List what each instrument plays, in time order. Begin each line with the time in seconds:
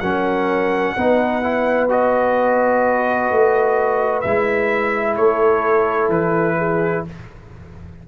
0.00 tuba F#3, trombone C#4, horn A#4, trumpet F#5
0.97 tuba B3, trombone D#4, horn B4
1.43 trombone E4
1.89 trombone F#4, trumpet D#5
3.31 tuba A3
4.21 tuba G#3, trombone E4, trumpet E5
5.17 tuba A3, horn A4, trumpet C#5
6.09 tuba E3, trumpet B4
6.58 horn G#4